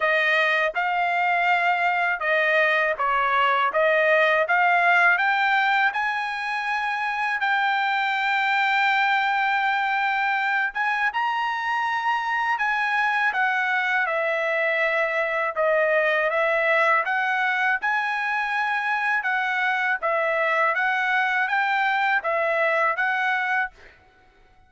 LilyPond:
\new Staff \with { instrumentName = "trumpet" } { \time 4/4 \tempo 4 = 81 dis''4 f''2 dis''4 | cis''4 dis''4 f''4 g''4 | gis''2 g''2~ | g''2~ g''8 gis''8 ais''4~ |
ais''4 gis''4 fis''4 e''4~ | e''4 dis''4 e''4 fis''4 | gis''2 fis''4 e''4 | fis''4 g''4 e''4 fis''4 | }